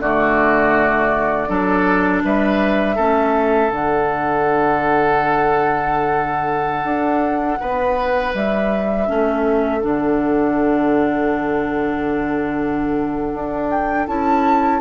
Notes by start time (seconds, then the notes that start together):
0.00 D3 A3 F#4 D5
1.48 F#3 D4 A4
2.24 G3 B4 E5
2.96 A3 C#4 A4
3.71 D3 D4 F#5
6.85 D4
7.61 B3 B4
8.34 G3 E5
9.07 A3 C#4 A4
9.82 D3 D4 F#5
13.35 D4
13.70 G5
14.07 C#4 E4 A5